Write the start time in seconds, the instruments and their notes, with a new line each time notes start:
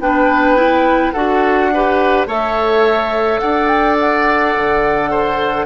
0.00 bassoon B3, clarinet D4, oboe B4, flute G5
0.57 clarinet E4
1.12 bassoon D4, clarinet F#4, oboe A4, flute F#5
1.75 clarinet G4, oboe B4
2.27 bassoon A3, clarinet A4, oboe C#5, flute E5
3.40 bassoon D4, oboe D5, flute F#5
3.68 flute G5
4.00 flute F#5
4.57 bassoon D3
5.11 oboe C5